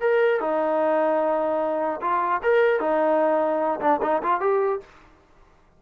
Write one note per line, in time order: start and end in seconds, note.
0.00 0.40 A#4
0.40 2.00 D#4
2.01 2.41 F4
2.42 2.80 A#4
2.80 3.80 D#4
3.80 4.00 D4
4.02 4.22 D#4
4.23 4.40 F4
4.40 4.80 G4